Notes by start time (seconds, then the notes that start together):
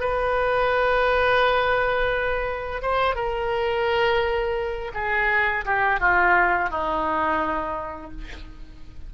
0.00 B4
2.82 C5
3.15 A#4
4.94 G#4
5.65 G4
6.00 F4
6.70 D#4